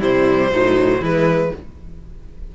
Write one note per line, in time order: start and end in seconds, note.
0.00 0.50 C3
0.00 0.51 G3
0.00 0.51 E4
0.00 1.04 C5
0.50 1.00 A2
0.50 1.02 F#3
0.50 1.00 D#4
1.00 1.51 E3
1.00 1.53 G#3
1.00 1.51 E4
1.00 1.55 B4